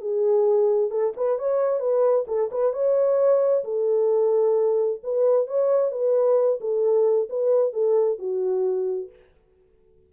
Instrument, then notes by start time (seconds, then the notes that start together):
horn
0.00 G#4
0.90 A4
1.16 B4
1.38 C#5
1.80 B4
2.27 A4
2.51 B4
2.73 C#5
3.64 A4
5.03 B4
5.46 C#5
5.91 B4
6.60 A4
7.29 B4
7.73 A4
8.18 F#4